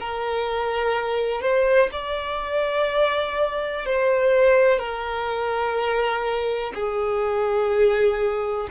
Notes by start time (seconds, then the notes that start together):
0.00 A#4
1.42 C5
1.92 D5
3.86 C5
4.79 A#4
6.75 G#4